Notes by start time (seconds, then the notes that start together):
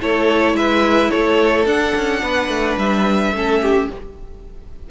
0.00 A3 E4 A4 C#5
0.54 G#3 B4 E5
1.11 A3 A4 C#5
1.66 D4 F#5
1.96 C#4
2.23 B3 B4
2.49 A3
2.78 G3 E5
3.32 A3 C#4 A4
3.62 G4